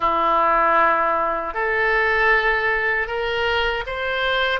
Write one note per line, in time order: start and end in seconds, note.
0.00 1.53 E4
1.53 3.07 A4
3.07 3.84 A#4
3.86 4.60 C5